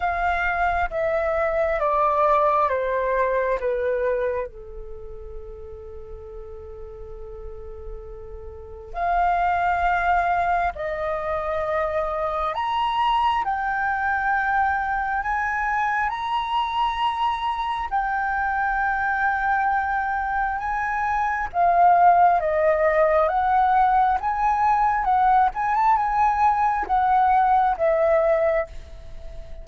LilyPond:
\new Staff \with { instrumentName = "flute" } { \time 4/4 \tempo 4 = 67 f''4 e''4 d''4 c''4 | b'4 a'2.~ | a'2 f''2 | dis''2 ais''4 g''4~ |
g''4 gis''4 ais''2 | g''2. gis''4 | f''4 dis''4 fis''4 gis''4 | fis''8 gis''16 a''16 gis''4 fis''4 e''4 | }